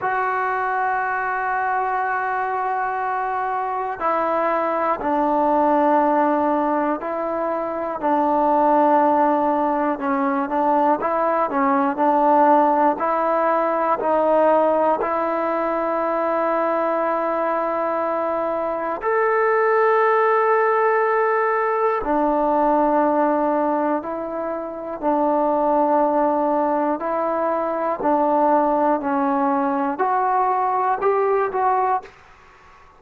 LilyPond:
\new Staff \with { instrumentName = "trombone" } { \time 4/4 \tempo 4 = 60 fis'1 | e'4 d'2 e'4 | d'2 cis'8 d'8 e'8 cis'8 | d'4 e'4 dis'4 e'4~ |
e'2. a'4~ | a'2 d'2 | e'4 d'2 e'4 | d'4 cis'4 fis'4 g'8 fis'8 | }